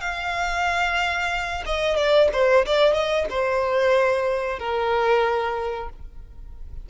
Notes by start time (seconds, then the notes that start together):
0.00 F5
1.65 D#5
1.96 D5
2.32 C5
2.65 D5
2.93 D#5
3.29 C5
4.59 A#4